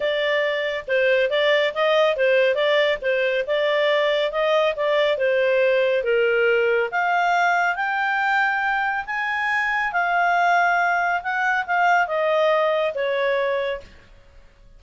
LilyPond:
\new Staff \with { instrumentName = "clarinet" } { \time 4/4 \tempo 4 = 139 d''2 c''4 d''4 | dis''4 c''4 d''4 c''4 | d''2 dis''4 d''4 | c''2 ais'2 |
f''2 g''2~ | g''4 gis''2 f''4~ | f''2 fis''4 f''4 | dis''2 cis''2 | }